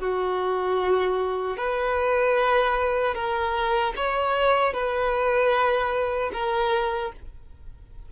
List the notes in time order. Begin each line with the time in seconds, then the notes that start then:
0.00 F#4
1.57 B4
3.15 A#4
3.96 C#5
4.73 B4
6.33 A#4